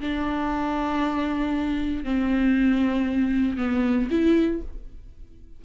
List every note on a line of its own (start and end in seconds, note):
0.00 2.04 D4
2.04 3.57 C4
3.57 4.08 B3
4.10 4.61 E4